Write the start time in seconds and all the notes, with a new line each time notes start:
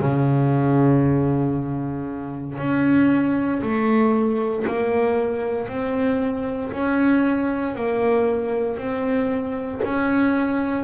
0.00 C#3
2.58 C#4
3.62 A3
4.67 A#3
5.68 C4
6.72 C#4
7.75 A#3
8.77 C4
9.84 C#4